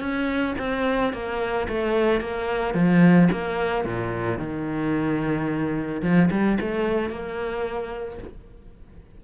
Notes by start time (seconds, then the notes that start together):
0.00 C#4
0.59 C4
1.13 A#3
1.68 A3
2.21 A#3
2.74 F3
3.32 A#3
3.85 A#2
4.38 D#3
6.02 F3
6.31 G3
6.61 A3
7.10 A#3